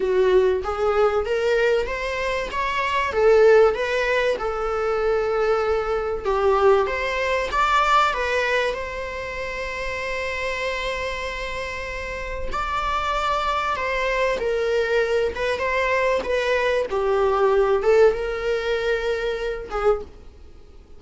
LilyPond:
\new Staff \with { instrumentName = "viola" } { \time 4/4 \tempo 4 = 96 fis'4 gis'4 ais'4 c''4 | cis''4 a'4 b'4 a'4~ | a'2 g'4 c''4 | d''4 b'4 c''2~ |
c''1 | d''2 c''4 ais'4~ | ais'8 b'8 c''4 b'4 g'4~ | g'8 a'8 ais'2~ ais'8 gis'8 | }